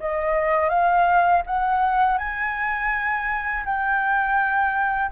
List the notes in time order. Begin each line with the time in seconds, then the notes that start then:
0.00 D#5
0.69 F5
1.46 F#5
2.18 G#5
3.65 G5